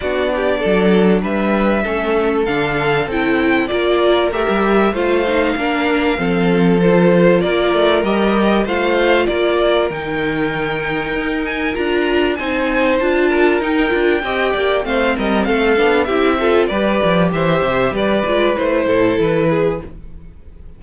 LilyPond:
<<
  \new Staff \with { instrumentName = "violin" } { \time 4/4 \tempo 4 = 97 d''2 e''2 | f''4 g''4 d''4 e''4 | f''2. c''4 | d''4 dis''4 f''4 d''4 |
g''2~ g''8 gis''8 ais''4 | gis''4 a''4 g''2 | f''8 dis''8 f''4 e''4 d''4 | e''4 d''4 c''4 b'4 | }
  \new Staff \with { instrumentName = "violin" } { \time 4/4 fis'8 g'8 a'4 b'4 a'4~ | a'2 ais'2 | c''4 ais'4 a'2 | ais'2 c''4 ais'4~ |
ais'1 | c''4. ais'4. dis''8 d''8 | c''8 ais'8 a'4 g'8 a'8 b'4 | c''4 b'4. a'4 gis'8 | }
  \new Staff \with { instrumentName = "viola" } { \time 4/4 d'2. cis'4 | d'4 e'4 f'4 g'4 | f'8 dis'8 d'4 c'4 f'4~ | f'4 g'4 f'2 |
dis'2. f'4 | dis'4 f'4 dis'8 f'8 g'4 | c'4. d'8 e'8 f'8 g'4~ | g'4. f'8 e'2 | }
  \new Staff \with { instrumentName = "cello" } { \time 4/4 b4 fis4 g4 a4 | d4 c'4 ais4 a16 g8. | a4 ais4 f2 | ais8 a8 g4 a4 ais4 |
dis2 dis'4 d'4 | c'4 d'4 dis'8 d'8 c'8 ais8 | a8 g8 a8 b8 c'4 g8 f8 | e8 c8 g8 gis8 a8 a,8 e4 | }
>>